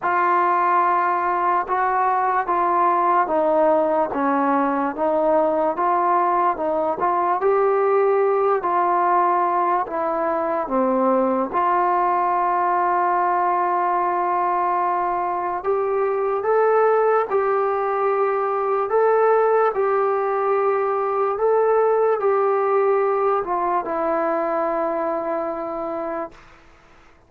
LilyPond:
\new Staff \with { instrumentName = "trombone" } { \time 4/4 \tempo 4 = 73 f'2 fis'4 f'4 | dis'4 cis'4 dis'4 f'4 | dis'8 f'8 g'4. f'4. | e'4 c'4 f'2~ |
f'2. g'4 | a'4 g'2 a'4 | g'2 a'4 g'4~ | g'8 f'8 e'2. | }